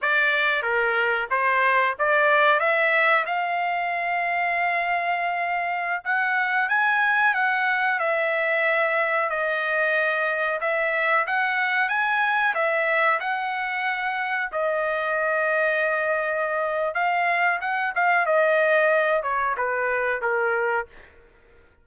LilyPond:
\new Staff \with { instrumentName = "trumpet" } { \time 4/4 \tempo 4 = 92 d''4 ais'4 c''4 d''4 | e''4 f''2.~ | f''4~ f''16 fis''4 gis''4 fis''8.~ | fis''16 e''2 dis''4.~ dis''16~ |
dis''16 e''4 fis''4 gis''4 e''8.~ | e''16 fis''2 dis''4.~ dis''16~ | dis''2 f''4 fis''8 f''8 | dis''4. cis''8 b'4 ais'4 | }